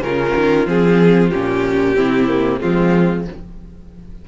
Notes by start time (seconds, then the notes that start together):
0.00 C#3 C#4 F4 A#4
0.35 D#3
0.66 F3 C4 G#4
1.30 A#2 C#4 G4
1.96 C3 C4 E4
2.28 A#3
2.60 F3 G#3 C4 F4